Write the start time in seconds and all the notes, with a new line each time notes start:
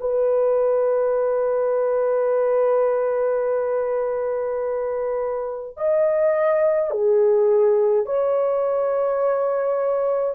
0.00 B4
5.77 D#5
6.91 G#4
8.06 C#5